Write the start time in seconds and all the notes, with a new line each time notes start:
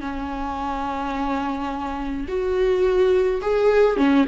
0.00 C#4
2.28 F#4
3.41 G#4
3.96 C#4